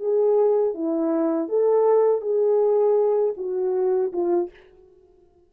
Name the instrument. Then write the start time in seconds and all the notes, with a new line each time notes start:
horn
0.00 G#4
0.75 E4
1.49 A4
2.22 G#4
3.37 F#4
4.13 F4